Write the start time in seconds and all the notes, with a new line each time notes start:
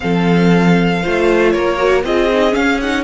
0.00 F3 C4 A4 F5
1.02 A3 F4 C5
1.51 A#3 A#4 C#5
1.77 F#4
2.03 C4 F4 G#4 D#5
2.33 D#4
2.50 C#4 F5
2.80 D#4 F#5